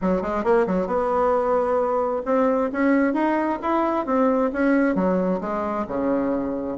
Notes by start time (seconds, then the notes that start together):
0.01 F#3
0.22 G#3
0.43 A#3
0.66 F#3
0.87 B3
2.25 C4
2.72 C#4
3.13 D#4
3.62 E4
4.06 C4
4.52 C#4
4.95 F#3
5.41 G#3
5.87 C#3